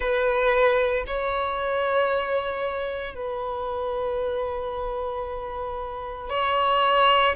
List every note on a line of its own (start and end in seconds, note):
0.00 1.04 B4
1.06 3.14 C#5
3.14 6.29 B4
6.29 7.34 C#5